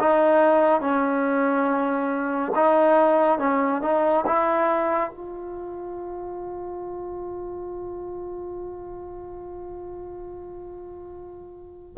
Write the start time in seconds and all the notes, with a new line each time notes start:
0.00 D#4
0.81 C#4
2.55 D#4
3.39 C#4
3.82 D#4
4.27 E4
5.11 F4